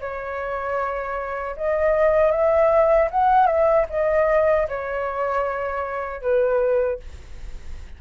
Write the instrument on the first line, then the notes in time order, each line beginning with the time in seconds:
flute
0.00 C#5
1.56 D#5
2.31 E5
3.10 F#5
3.46 E5
3.89 D#5
4.68 C#5
6.21 B4